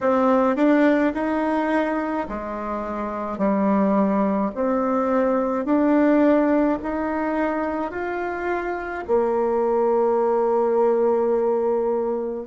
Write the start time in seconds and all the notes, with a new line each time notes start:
0.00 C4
0.56 D4
1.13 D#4
2.28 G#3
3.38 G3
4.54 C4
5.65 D4
6.82 D#4
7.91 F4
9.07 A#3